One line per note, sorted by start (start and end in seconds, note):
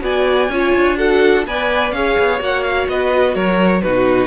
0.00 0.49 B3
0.00 0.48 F#4
0.00 0.51 D5
0.00 0.97 G#5
0.49 0.73 C#4
0.49 0.97 F4
0.49 0.97 C#5
0.75 1.46 D4
0.97 1.44 F#4
0.97 1.45 A4
0.97 1.45 F#5
1.46 1.91 B3
1.46 1.94 B4
1.46 1.96 D5
1.46 1.92 G#5
1.91 2.15 C#4
1.91 2.39 G#4
1.91 2.91 C#5
1.91 2.39 F5
2.19 2.40 B3
2.39 2.87 A#3
2.39 3.82 F#4
2.39 2.63 F#5
2.63 2.87 F5
2.88 3.35 B3
2.88 3.35 B4
2.88 3.35 D#5
3.35 3.83 F#3
3.35 3.82 A#4
3.35 3.81 C#5
3.81 4.27 B2
3.81 4.27 D#4
3.81 4.27 F#4
3.81 4.27 B4